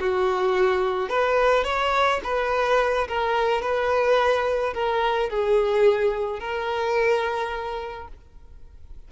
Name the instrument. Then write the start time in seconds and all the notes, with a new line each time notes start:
violin
0.00 F#4
1.09 B4
1.64 C#5
2.24 B4
3.08 A#4
3.62 B4
4.74 A#4
5.30 G#4
6.40 A#4